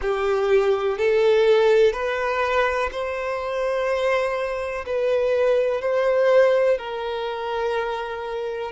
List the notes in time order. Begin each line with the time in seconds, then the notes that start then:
0.01 G4
0.98 A4
1.93 B4
2.91 C5
4.86 B4
5.81 C5
6.77 A#4